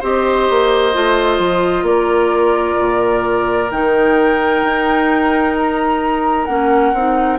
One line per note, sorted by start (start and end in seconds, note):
0.00 0.49 C4
0.00 0.93 G4
0.00 1.85 C5
0.00 1.86 D#5
0.50 0.96 A#3
0.93 1.39 A3
0.93 3.70 F4
1.39 1.83 F3
1.83 2.75 A#3
1.83 7.39 A#4
1.83 3.71 D5
2.79 3.71 A#2
3.71 4.63 D#3
3.71 6.49 D#4
3.71 5.56 G5
4.63 6.47 D#4
5.57 6.46 A#5
6.46 6.94 A#3
6.46 6.95 C#4
6.46 7.38 F#5
6.94 7.39 C4
6.94 7.39 D#4